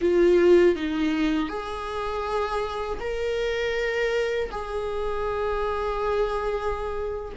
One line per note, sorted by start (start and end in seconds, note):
0.01 0.75 F4
0.75 1.48 D#4
1.48 2.98 G#4
3.00 4.50 A#4
4.51 7.32 G#4